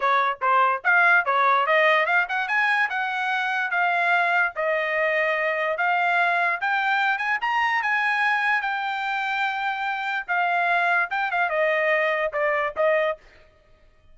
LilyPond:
\new Staff \with { instrumentName = "trumpet" } { \time 4/4 \tempo 4 = 146 cis''4 c''4 f''4 cis''4 | dis''4 f''8 fis''8 gis''4 fis''4~ | fis''4 f''2 dis''4~ | dis''2 f''2 |
g''4. gis''8 ais''4 gis''4~ | gis''4 g''2.~ | g''4 f''2 g''8 f''8 | dis''2 d''4 dis''4 | }